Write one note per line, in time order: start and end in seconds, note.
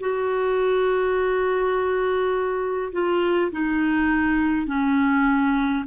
0.00 2.93 F#4
2.93 3.51 F4
3.52 4.67 D#4
4.67 5.84 C#4